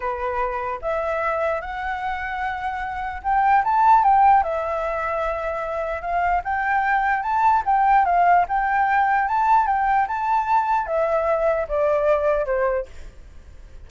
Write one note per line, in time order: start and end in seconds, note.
0.00 0.79 B4
0.81 1.61 E5
1.61 3.22 F#5
3.22 3.63 G5
3.64 4.03 A5
4.03 4.43 G5
4.43 6.01 E5
6.01 6.42 F5
6.44 7.22 G5
7.22 7.63 A5
7.65 8.05 G5
8.05 8.45 F5
8.48 9.28 G5
9.28 9.66 A5
9.66 10.07 G5
10.07 10.86 A5
10.86 11.67 E5
11.68 12.45 D5
12.45 12.86 C5